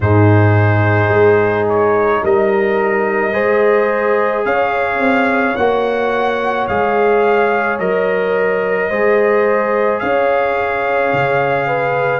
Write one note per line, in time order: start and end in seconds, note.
0.00 1.09 G#2
0.00 3.32 D#4
0.00 2.22 G#4
0.00 1.68 C5
1.09 2.20 G#3
1.69 2.24 C#5
2.22 3.34 G3
2.22 3.33 A#4
2.22 4.45 D#5
3.32 4.45 G#3
3.32 5.55 G#4
3.32 4.44 C5
4.45 4.99 C#4
4.45 8.89 C#5
4.45 5.56 F5
4.99 5.54 C4
5.56 6.68 A#3
5.56 6.69 F#4
5.56 6.67 F#5
6.67 7.79 G#3
6.67 7.79 G#4
6.67 7.78 F5
7.79 8.90 F#3
7.79 8.90 A#4
7.79 9.99 D#5
8.89 10.01 G#3
8.89 12.20 G#4
8.89 10.00 C5
9.99 11.12 C#4
9.99 11.67 C#5
9.99 12.20 F5
11.12 12.20 C#3
11.67 12.20 B4